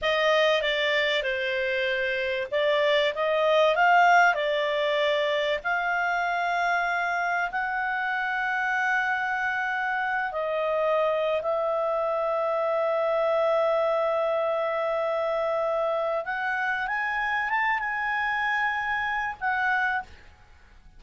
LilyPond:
\new Staff \with { instrumentName = "clarinet" } { \time 4/4 \tempo 4 = 96 dis''4 d''4 c''2 | d''4 dis''4 f''4 d''4~ | d''4 f''2. | fis''1~ |
fis''8 dis''4.~ dis''16 e''4.~ e''16~ | e''1~ | e''2 fis''4 gis''4 | a''8 gis''2~ gis''8 fis''4 | }